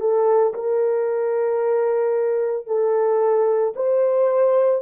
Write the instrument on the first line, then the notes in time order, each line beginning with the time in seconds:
horn
0.00 A4
0.54 A#4
2.66 A4
3.75 C5